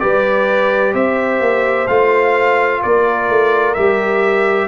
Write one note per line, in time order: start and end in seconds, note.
0.00 0.94 G3
0.00 1.88 G4
0.00 0.94 B4
0.00 0.94 D5
0.94 1.41 C4
0.94 2.81 C5
0.94 1.88 E5
1.41 1.88 A#3
1.88 2.82 A3
1.88 3.77 F4
1.88 2.82 F5
2.82 3.30 A#3
2.82 4.68 A#4
2.82 3.74 D5
3.30 3.77 A3
3.74 4.68 G3
3.74 4.68 G4
3.74 4.68 E5